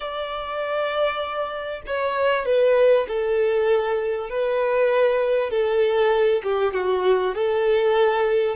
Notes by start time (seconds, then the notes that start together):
0.00 D5
1.86 C#5
2.45 B4
3.08 A4
4.29 B4
5.50 A4
6.43 G4
6.73 F#4
7.35 A4